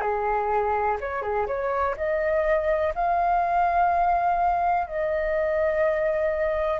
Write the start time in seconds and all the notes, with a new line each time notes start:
0.00 G#4
1.00 C#5
1.22 G#4
1.46 C#5
1.96 D#5
2.95 F5
4.87 D#5